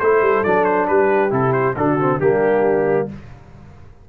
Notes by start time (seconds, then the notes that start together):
0.00 A3 E4 A4 C5
0.22 G3
0.44 F#3 D4 D5
0.64 C5
0.87 G3 G4 B4
1.30 C3 E4 A4
1.53 C5
1.76 D3 D4 F#4 A4
2.00 C4
2.19 G3 A#3 D4 G4